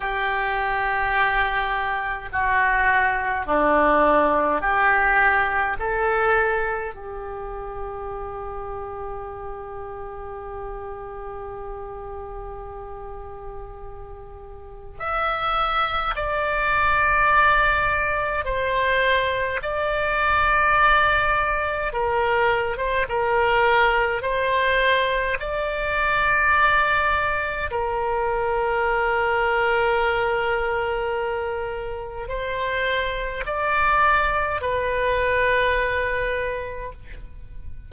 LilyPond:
\new Staff \with { instrumentName = "oboe" } { \time 4/4 \tempo 4 = 52 g'2 fis'4 d'4 | g'4 a'4 g'2~ | g'1~ | g'4 e''4 d''2 |
c''4 d''2 ais'8. c''16 | ais'4 c''4 d''2 | ais'1 | c''4 d''4 b'2 | }